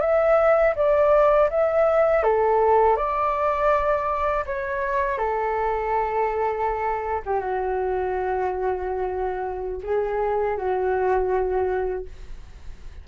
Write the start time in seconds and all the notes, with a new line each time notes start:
0.00 E5
0.75 D5
1.49 E5
2.23 A4
2.96 D5
4.45 C#5
5.18 A4
7.25 G4
7.40 F#4
9.83 G#4
10.57 F#4